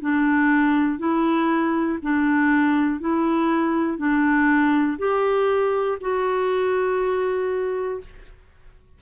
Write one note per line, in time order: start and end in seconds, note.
0.00 0.98 D4
0.98 1.98 E4
2.02 3.00 D4
3.00 3.97 E4
3.97 4.97 D4
4.98 5.98 G4
6.00 8.00 F#4